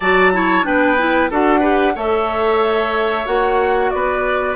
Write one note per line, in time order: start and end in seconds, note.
0.00 0.65 F#3
0.00 0.33 F#4
0.00 0.31 D5
0.00 0.65 A5
0.33 0.63 E4
0.33 0.66 C#5
0.63 1.30 B3
0.63 0.96 D4
0.63 1.30 B4
0.63 1.30 G5
0.97 1.30 E4
1.30 1.96 D4
1.30 1.61 F#4
1.30 1.59 A4
1.30 1.97 F#5
1.59 1.94 G4
1.59 1.92 B4
1.95 3.26 A3
1.95 3.25 A4
1.95 3.90 C#5
1.95 3.26 E5
3.25 3.92 A#3
3.25 4.55 F#4
3.25 3.90 F#5
3.90 4.55 B3
3.90 4.55 B4
3.90 4.55 D5